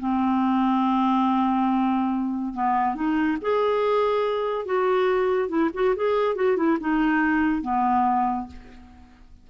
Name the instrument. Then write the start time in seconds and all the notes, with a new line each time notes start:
clarinet
0.00 C4
2.54 B3
2.95 D#4
3.42 G#4
4.66 F#4
5.49 E4
5.74 F#4
5.96 G#4
6.36 F#4
6.57 E4
6.80 D#4
7.62 B3